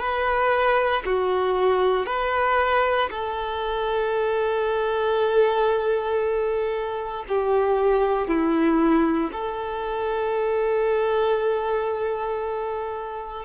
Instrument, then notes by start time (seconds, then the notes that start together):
violin
0.00 B4
1.06 F#4
2.06 B4
3.11 A4
7.29 G4
8.28 E4
9.32 A4